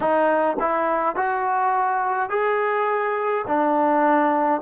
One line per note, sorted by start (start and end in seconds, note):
0.00 0.56 D#4
0.59 1.15 E4
1.15 2.29 F#4
2.29 3.45 G#4
3.47 4.61 D4